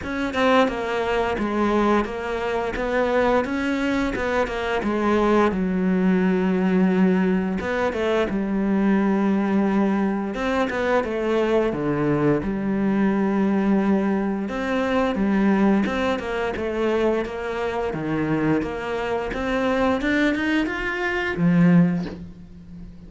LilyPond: \new Staff \with { instrumentName = "cello" } { \time 4/4 \tempo 4 = 87 cis'8 c'8 ais4 gis4 ais4 | b4 cis'4 b8 ais8 gis4 | fis2. b8 a8 | g2. c'8 b8 |
a4 d4 g2~ | g4 c'4 g4 c'8 ais8 | a4 ais4 dis4 ais4 | c'4 d'8 dis'8 f'4 f4 | }